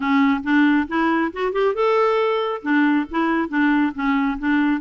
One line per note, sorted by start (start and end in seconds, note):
0.00 0.41 C#4
0.43 0.87 D4
0.88 1.31 E4
1.32 1.52 F#4
1.52 1.74 G4
1.74 2.62 A4
2.62 3.06 D4
3.10 3.48 E4
3.48 3.92 D4
3.94 4.38 C#4
4.38 4.81 D4